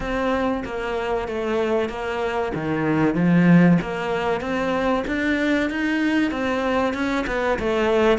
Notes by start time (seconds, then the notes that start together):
0.00 C4
0.64 A#3
1.28 A3
1.89 A#3
2.54 D#3
3.14 F3
3.81 A#3
4.40 C4
5.07 D4
5.70 D#4
6.31 C4
6.93 C#4
7.26 B3
7.59 A3